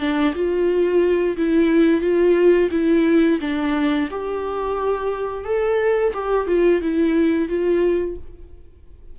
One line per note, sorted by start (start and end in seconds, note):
0.00 0.34 D4
0.34 1.37 F4
1.37 2.01 E4
2.01 2.69 F4
2.71 3.39 E4
3.41 4.09 D4
4.11 5.45 G4
5.45 6.13 A4
6.14 6.47 G4
6.47 6.81 F4
6.81 7.49 E4
7.49 8.17 F4